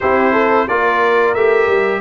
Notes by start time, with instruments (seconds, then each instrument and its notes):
0.00 tuba C4, trombone E4, horn G4, trumpet C5
0.32 horn A4
0.68 tuba A#3, trombone F4, horn A#4, trumpet D5
1.34 tuba A3, trombone G4, trumpet E5
1.67 tuba G3